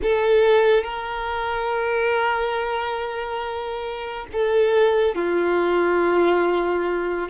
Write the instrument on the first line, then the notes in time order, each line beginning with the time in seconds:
violin
0.02 A4
0.83 A#4
4.32 A4
5.15 F4